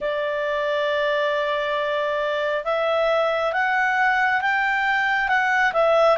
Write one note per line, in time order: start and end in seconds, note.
0.00 2.64 D5
2.64 3.52 E5
3.53 4.41 F#5
4.41 5.28 G5
5.28 5.72 F#5
5.73 6.17 E5